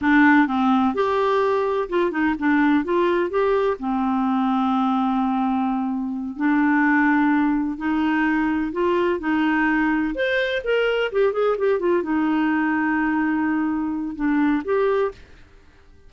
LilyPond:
\new Staff \with { instrumentName = "clarinet" } { \time 4/4 \tempo 4 = 127 d'4 c'4 g'2 | f'8 dis'8 d'4 f'4 g'4 | c'1~ | c'4. d'2~ d'8~ |
d'8 dis'2 f'4 dis'8~ | dis'4. c''4 ais'4 g'8 | gis'8 g'8 f'8 dis'2~ dis'8~ | dis'2 d'4 g'4 | }